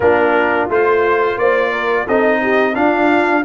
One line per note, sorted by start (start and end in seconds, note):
0.00 0.68 A#3
0.00 0.69 D4
0.00 1.39 F4
0.00 0.69 A#4
0.69 1.37 A3
0.69 2.07 F4
0.69 1.38 C5
1.37 2.06 A#3
1.37 1.71 C5
1.37 2.07 D5
1.71 2.06 A#4
2.07 2.76 C4
2.07 2.74 D#4
2.07 2.41 A4
2.07 2.75 D#5
2.42 2.75 G4
2.74 3.43 D4
2.74 3.44 D4
2.74 3.44 F4
2.74 3.44 F5